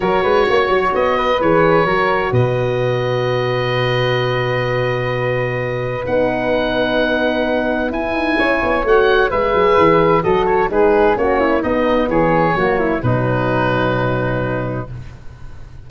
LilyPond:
<<
  \new Staff \with { instrumentName = "oboe" } { \time 4/4 \tempo 4 = 129 cis''2 dis''4 cis''4~ | cis''4 dis''2.~ | dis''1~ | dis''4 fis''2.~ |
fis''4 gis''2 fis''4 | e''2 dis''8 cis''8 b'4 | cis''4 dis''4 cis''2 | b'1 | }
  \new Staff \with { instrumentName = "flute" } { \time 4/4 ais'8 b'8 cis''4. b'4. | ais'4 b'2.~ | b'1~ | b'1~ |
b'2 cis''2 | b'2 a'4 gis'4 | fis'8 e'8 dis'4 gis'4 fis'8 e'8 | dis'1 | }
  \new Staff \with { instrumentName = "horn" } { \time 4/4 fis'2. gis'4 | fis'1~ | fis'1~ | fis'4 dis'2.~ |
dis'4 e'2 fis'4 | gis'2 fis'4 dis'4 | cis'4 b2 ais4 | fis1 | }
  \new Staff \with { instrumentName = "tuba" } { \time 4/4 fis8 gis8 ais8 fis8 b4 e4 | fis4 b,2.~ | b,1~ | b,4 b2.~ |
b4 e'8 dis'8 cis'8 b8 a4 | gis8 fis8 e4 fis4 gis4 | ais4 b4 e4 fis4 | b,1 | }
>>